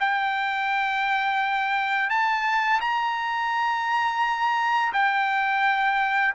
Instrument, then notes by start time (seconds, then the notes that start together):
trumpet
0.00 G5
2.10 A5
2.81 A#5
4.93 G5